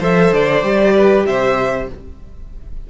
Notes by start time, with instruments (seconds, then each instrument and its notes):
0.00 cello F3, viola A4, violin C5 E5
0.32 cello D3, violin D5
0.63 cello G3, viola G4
0.95 violin B4
1.27 cello C3, violin C5 E5